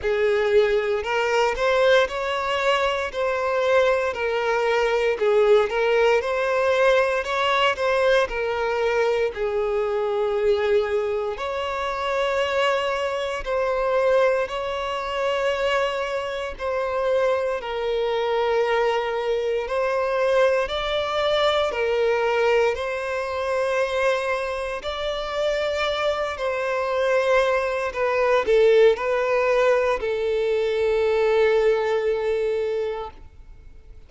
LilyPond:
\new Staff \with { instrumentName = "violin" } { \time 4/4 \tempo 4 = 58 gis'4 ais'8 c''8 cis''4 c''4 | ais'4 gis'8 ais'8 c''4 cis''8 c''8 | ais'4 gis'2 cis''4~ | cis''4 c''4 cis''2 |
c''4 ais'2 c''4 | d''4 ais'4 c''2 | d''4. c''4. b'8 a'8 | b'4 a'2. | }